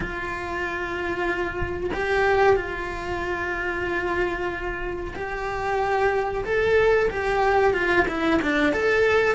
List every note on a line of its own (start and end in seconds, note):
0.00 1.90 F4
1.93 2.56 G4
2.56 5.14 F4
5.15 6.44 G4
6.44 7.09 A4
7.10 7.73 G4
7.73 8.06 F4
8.08 8.40 E4
8.42 8.72 D4
8.72 9.35 A4